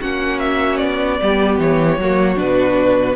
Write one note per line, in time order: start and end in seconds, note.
0.00 0.81 A#3
0.00 1.20 C#4
0.00 1.18 F#4
0.00 0.39 F#5
0.39 0.78 E5
0.78 1.21 B3
0.78 1.57 D5
1.20 1.60 G3
1.20 1.99 B3
1.20 2.01 G4
1.60 1.98 E3
1.60 2.38 C#5
1.98 2.37 F#3
1.98 2.36 A#3
1.98 3.16 F#4
2.36 3.16 B2
2.36 3.15 D4
2.36 3.16 B4